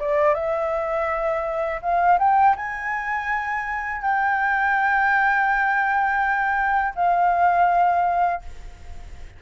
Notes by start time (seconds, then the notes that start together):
0.00 D5
0.35 E5
1.82 F5
2.19 G5
2.56 G#5
4.02 G5
6.96 F5